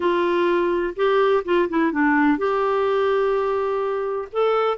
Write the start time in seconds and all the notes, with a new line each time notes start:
0.00 F4
0.96 G4
1.44 F4
1.69 E4
1.92 D4
2.37 G4
4.32 A4